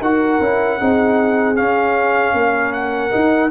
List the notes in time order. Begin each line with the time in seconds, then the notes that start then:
0.00 D#4 F#4 A#4 F#5
0.41 C#4 E4
0.78 C4 D#4 G#4
1.55 C#4 F5
2.33 A#3 A#4
2.72 F#5
3.11 D#4